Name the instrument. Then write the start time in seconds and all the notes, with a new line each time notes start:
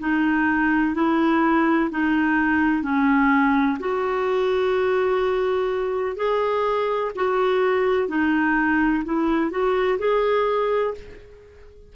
clarinet
0.00 D#4
0.95 E4
1.90 D#4
2.83 C#4
3.80 F#4
6.16 G#4
7.16 F#4
8.09 D#4
9.05 E4
9.51 F#4
9.99 G#4